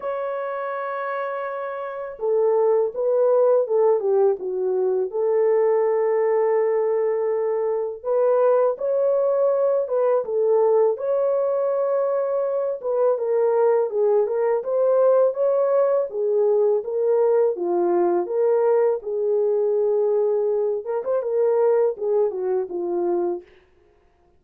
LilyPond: \new Staff \with { instrumentName = "horn" } { \time 4/4 \tempo 4 = 82 cis''2. a'4 | b'4 a'8 g'8 fis'4 a'4~ | a'2. b'4 | cis''4. b'8 a'4 cis''4~ |
cis''4. b'8 ais'4 gis'8 ais'8 | c''4 cis''4 gis'4 ais'4 | f'4 ais'4 gis'2~ | gis'8 ais'16 c''16 ais'4 gis'8 fis'8 f'4 | }